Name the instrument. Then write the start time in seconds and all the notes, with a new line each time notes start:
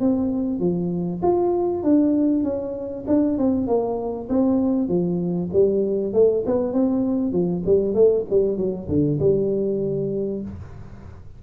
tuba
0.00 C4
0.60 F3
1.23 F4
1.83 D4
2.44 C#4
3.08 D4
3.38 C4
3.67 A#3
4.29 C4
4.88 F3
5.53 G3
6.13 A3
6.46 B3
6.73 C4
7.32 F3
7.66 G3
7.94 A3
8.30 G3
8.57 F#3
8.89 D3
9.19 G3